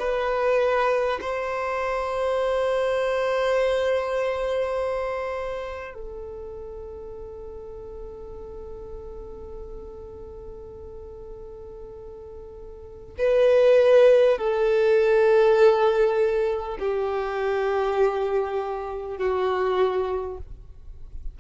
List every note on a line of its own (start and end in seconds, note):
0.00 1.20 B4
1.22 5.95 C5
5.95 13.15 A4
13.18 14.38 B4
14.38 16.78 A4
16.79 19.18 G4
19.18 20.38 F#4